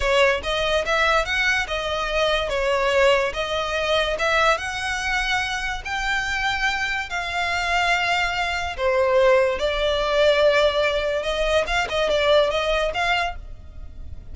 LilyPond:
\new Staff \with { instrumentName = "violin" } { \time 4/4 \tempo 4 = 144 cis''4 dis''4 e''4 fis''4 | dis''2 cis''2 | dis''2 e''4 fis''4~ | fis''2 g''2~ |
g''4 f''2.~ | f''4 c''2 d''4~ | d''2. dis''4 | f''8 dis''8 d''4 dis''4 f''4 | }